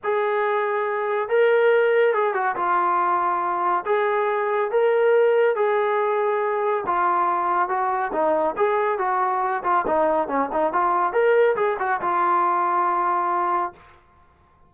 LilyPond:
\new Staff \with { instrumentName = "trombone" } { \time 4/4 \tempo 4 = 140 gis'2. ais'4~ | ais'4 gis'8 fis'8 f'2~ | f'4 gis'2 ais'4~ | ais'4 gis'2. |
f'2 fis'4 dis'4 | gis'4 fis'4. f'8 dis'4 | cis'8 dis'8 f'4 ais'4 gis'8 fis'8 | f'1 | }